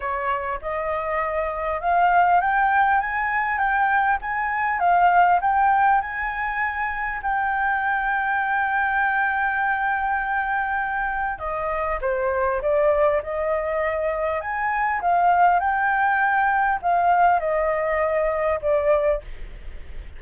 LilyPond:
\new Staff \with { instrumentName = "flute" } { \time 4/4 \tempo 4 = 100 cis''4 dis''2 f''4 | g''4 gis''4 g''4 gis''4 | f''4 g''4 gis''2 | g''1~ |
g''2. dis''4 | c''4 d''4 dis''2 | gis''4 f''4 g''2 | f''4 dis''2 d''4 | }